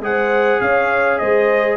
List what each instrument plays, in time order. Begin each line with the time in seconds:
0.00 tuba G#3, trombone G#4, horn C5, trumpet F#5
0.60 tuba C#4, horn C#5, trumpet F5
1.18 tuba G#3, horn C5, trumpet D#5